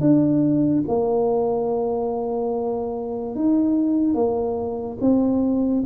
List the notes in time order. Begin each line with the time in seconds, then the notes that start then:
0.00 D4
0.88 A#3
3.35 D#4
4.14 A#3
5.00 C4